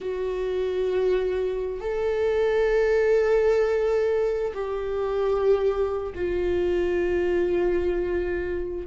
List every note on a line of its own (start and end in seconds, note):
0.00 1.80 F#4
1.80 4.53 A4
4.54 6.13 G4
6.14 8.86 F4